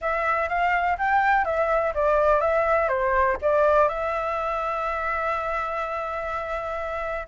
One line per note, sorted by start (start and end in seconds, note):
0.01 0.48 E5
0.48 0.97 F5
0.98 1.44 G5
1.44 1.93 E5
1.94 2.40 D5
2.40 2.88 E5
2.88 3.36 C5
3.41 3.88 D5
3.88 7.27 E5